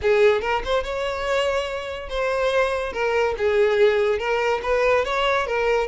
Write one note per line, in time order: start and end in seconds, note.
0.02 0.41 G#4
0.41 0.62 A#4
0.64 0.83 C5
0.83 2.09 C#5
2.09 2.92 C5
2.92 3.34 A#4
3.37 4.18 G#4
4.18 4.60 A#4
4.62 5.04 B4
5.05 5.47 C#5
5.47 5.87 A#4